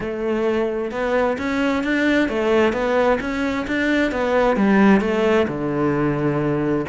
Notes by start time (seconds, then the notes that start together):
0.00 A3
0.91 B3
1.38 C#4
1.83 D4
2.28 A3
2.73 B3
3.20 C#4
3.67 D4
4.11 B3
4.56 G3
5.00 A3
5.48 D3